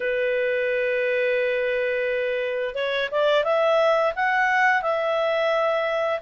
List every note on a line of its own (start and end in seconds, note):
0.00 2.74 B4
2.74 3.09 C#5
3.11 3.44 D5
3.44 4.13 E5
4.15 4.82 F#5
4.82 6.20 E5